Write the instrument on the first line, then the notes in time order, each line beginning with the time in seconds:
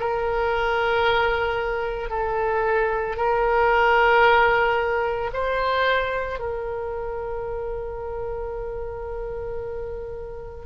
oboe
0.00 A#4
2.10 A4
3.17 A#4
5.33 C5
6.39 A#4